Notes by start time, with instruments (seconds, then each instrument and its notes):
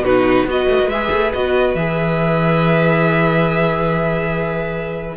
0.00 cello B2, viola D#4, violin F#4 B4
0.45 cello B3, viola F#4, violin B4 D#5
0.68 cello A3
0.80 cello A#3
0.87 cello G#3, viola G#4, violin E5
1.11 cello A3
1.33 cello B3, viola F#4, violin D#5
1.75 cello E3, viola G#4, violin E5